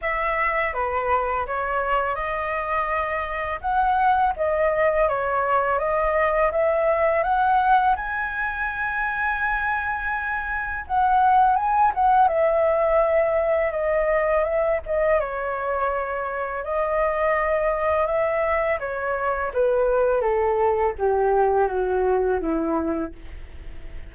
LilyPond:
\new Staff \with { instrumentName = "flute" } { \time 4/4 \tempo 4 = 83 e''4 b'4 cis''4 dis''4~ | dis''4 fis''4 dis''4 cis''4 | dis''4 e''4 fis''4 gis''4~ | gis''2. fis''4 |
gis''8 fis''8 e''2 dis''4 | e''8 dis''8 cis''2 dis''4~ | dis''4 e''4 cis''4 b'4 | a'4 g'4 fis'4 e'4 | }